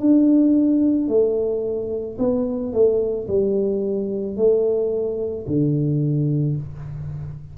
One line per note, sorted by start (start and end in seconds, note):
0.00 1.08 D4
1.08 2.17 A3
2.18 2.73 B3
2.73 3.27 A3
3.27 4.36 G3
4.36 5.45 A3
5.47 6.56 D3